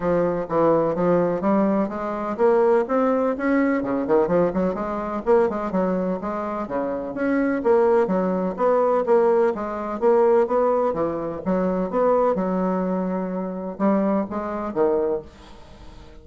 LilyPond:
\new Staff \with { instrumentName = "bassoon" } { \time 4/4 \tempo 4 = 126 f4 e4 f4 g4 | gis4 ais4 c'4 cis'4 | cis8 dis8 f8 fis8 gis4 ais8 gis8 | fis4 gis4 cis4 cis'4 |
ais4 fis4 b4 ais4 | gis4 ais4 b4 e4 | fis4 b4 fis2~ | fis4 g4 gis4 dis4 | }